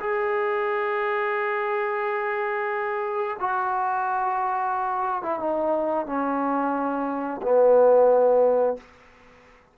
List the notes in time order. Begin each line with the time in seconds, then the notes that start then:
0.00 G#4
3.40 F#4
5.22 E4
5.40 D#4
6.06 C#4
7.42 B3